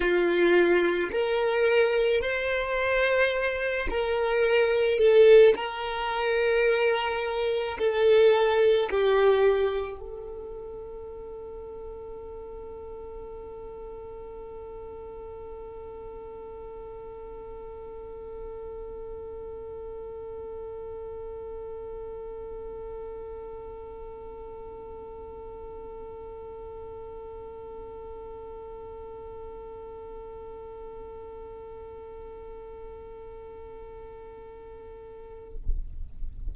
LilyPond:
\new Staff \with { instrumentName = "violin" } { \time 4/4 \tempo 4 = 54 f'4 ais'4 c''4. ais'8~ | ais'8 a'8 ais'2 a'4 | g'4 a'2.~ | a'1~ |
a'1~ | a'1~ | a'1~ | a'1 | }